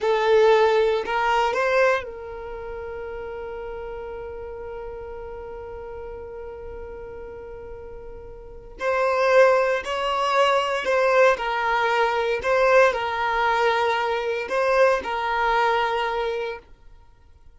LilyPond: \new Staff \with { instrumentName = "violin" } { \time 4/4 \tempo 4 = 116 a'2 ais'4 c''4 | ais'1~ | ais'1~ | ais'1~ |
ais'4 c''2 cis''4~ | cis''4 c''4 ais'2 | c''4 ais'2. | c''4 ais'2. | }